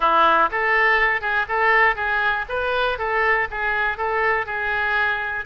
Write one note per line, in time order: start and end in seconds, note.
0.00 0.49 E4
0.51 1.21 A4
1.21 1.46 G#4
1.48 1.95 A4
1.95 2.45 G#4
2.48 2.98 B4
2.98 3.47 A4
3.50 3.97 G#4
3.97 4.46 A4
4.46 5.45 G#4